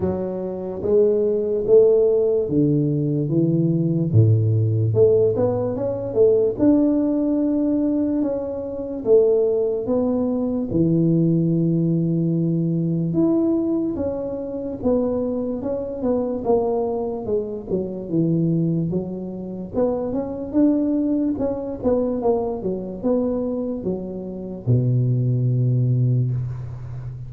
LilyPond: \new Staff \with { instrumentName = "tuba" } { \time 4/4 \tempo 4 = 73 fis4 gis4 a4 d4 | e4 a,4 a8 b8 cis'8 a8 | d'2 cis'4 a4 | b4 e2. |
e'4 cis'4 b4 cis'8 b8 | ais4 gis8 fis8 e4 fis4 | b8 cis'8 d'4 cis'8 b8 ais8 fis8 | b4 fis4 b,2 | }